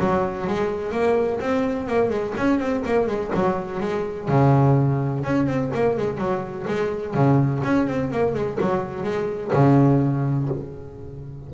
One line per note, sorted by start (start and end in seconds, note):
0.00 0.47 F#3
0.47 0.92 G#3
0.92 1.40 A#3
1.41 1.88 C4
1.88 2.10 A#3
2.10 2.34 G#3
2.37 2.60 C#4
2.60 2.84 C4
2.86 3.08 A#3
3.08 3.32 G#3
3.35 3.81 F#3
3.81 4.29 G#3
4.29 5.24 C#3
5.24 5.47 C#4
5.47 5.71 C4
5.75 5.98 A#3
5.98 6.18 G#3
6.18 6.66 F#3
6.68 7.15 G#3
7.15 7.63 C#3
7.64 7.88 C#4
7.88 8.12 C4
8.12 8.35 A#3
8.35 8.59 G#3
8.61 9.04 F#3
9.04 9.52 G#3
9.53 10.49 C#3